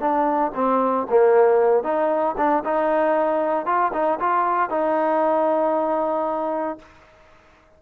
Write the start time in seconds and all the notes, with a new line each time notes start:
0.00 D4
0.55 C4
1.10 A#3
1.84 D#4
2.38 D4
2.65 D#4
3.66 F4
3.93 D#4
4.20 F4
4.70 D#4